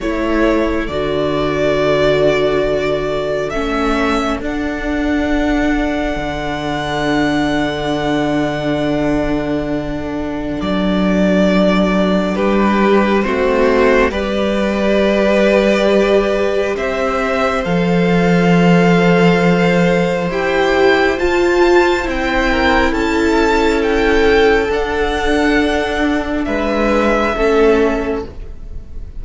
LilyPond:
<<
  \new Staff \with { instrumentName = "violin" } { \time 4/4 \tempo 4 = 68 cis''4 d''2. | e''4 fis''2.~ | fis''1 | d''2 b'4 c''4 |
d''2. e''4 | f''2. g''4 | a''4 g''4 a''4 g''4 | fis''2 e''2 | }
  \new Staff \with { instrumentName = "violin" } { \time 4/4 a'1~ | a'1~ | a'1~ | a'2 g'4 fis'4 |
b'2. c''4~ | c''1~ | c''4. ais'8 a'2~ | a'2 b'4 a'4 | }
  \new Staff \with { instrumentName = "viola" } { \time 4/4 e'4 fis'2. | cis'4 d'2.~ | d'1~ | d'2. c'4 |
g'1 | a'2. g'4 | f'4 e'2. | d'2. cis'4 | }
  \new Staff \with { instrumentName = "cello" } { \time 4/4 a4 d2. | a4 d'2 d4~ | d1 | fis2 g4 a4 |
g2. c'4 | f2. e'4 | f'4 c'4 cis'2 | d'2 gis4 a4 | }
>>